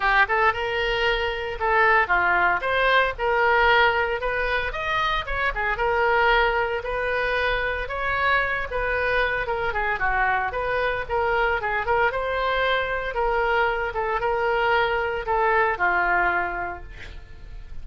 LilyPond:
\new Staff \with { instrumentName = "oboe" } { \time 4/4 \tempo 4 = 114 g'8 a'8 ais'2 a'4 | f'4 c''4 ais'2 | b'4 dis''4 cis''8 gis'8 ais'4~ | ais'4 b'2 cis''4~ |
cis''8 b'4. ais'8 gis'8 fis'4 | b'4 ais'4 gis'8 ais'8 c''4~ | c''4 ais'4. a'8 ais'4~ | ais'4 a'4 f'2 | }